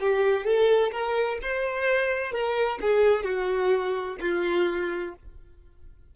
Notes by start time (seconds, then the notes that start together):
0.00 G4
0.44 A4
0.92 A#4
1.42 C5
2.32 A#4
2.81 G#4
3.23 F#4
4.21 F4